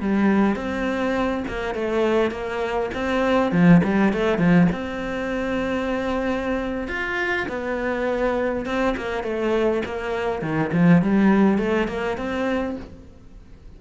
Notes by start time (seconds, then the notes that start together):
0.00 G3
0.56 C4
1.48 A#3
1.74 A3
2.31 A#3
2.94 C4
3.52 F3
3.83 G3
4.13 A3
4.38 F3
4.72 C4
6.88 F4
7.48 B3
8.66 C4
8.97 A#3
9.23 A3
9.85 A#3
10.41 D#3
10.72 F3
11.02 G3
11.58 A3
11.88 A#3
12.17 C4